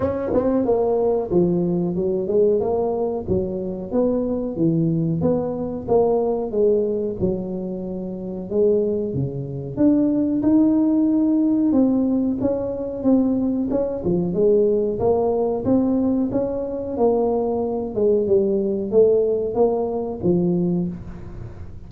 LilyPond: \new Staff \with { instrumentName = "tuba" } { \time 4/4 \tempo 4 = 92 cis'8 c'8 ais4 f4 fis8 gis8 | ais4 fis4 b4 e4 | b4 ais4 gis4 fis4~ | fis4 gis4 cis4 d'4 |
dis'2 c'4 cis'4 | c'4 cis'8 f8 gis4 ais4 | c'4 cis'4 ais4. gis8 | g4 a4 ais4 f4 | }